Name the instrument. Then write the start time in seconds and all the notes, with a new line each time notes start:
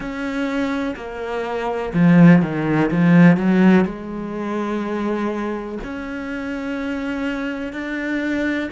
cello
0.00 C#4
0.96 A#3
1.94 F3
2.41 D#3
2.90 F3
3.37 F#3
3.84 G#3
5.83 C#4
7.72 D4